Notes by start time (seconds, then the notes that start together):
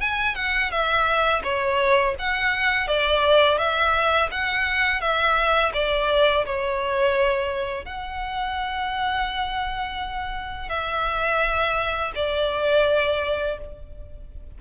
0.00 G#5
0.35 F#5
0.70 E5
1.43 C#5
2.19 F#5
2.87 D5
3.58 E5
4.31 F#5
5.00 E5
5.73 D5
6.45 C#5
7.85 F#5
10.69 E5
12.15 D5